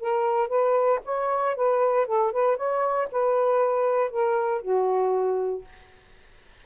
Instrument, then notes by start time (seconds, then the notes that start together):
saxophone
0.00 A#4
0.48 B4
1.05 C#5
1.56 B4
2.07 A4
2.32 B4
2.57 C#5
3.12 B4
4.10 A#4
4.62 F#4